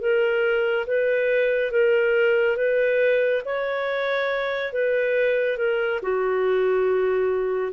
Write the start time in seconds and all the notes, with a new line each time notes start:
0.00 A#4
0.86 B4
1.71 A#4
2.56 B4
3.45 C#5
4.73 B4
5.57 A#4
6.02 F#4